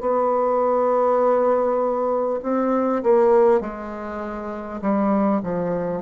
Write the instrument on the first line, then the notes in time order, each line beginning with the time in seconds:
bassoon
0.00 B3
2.42 C4
3.03 A#3
3.60 G#3
4.81 G3
5.43 F3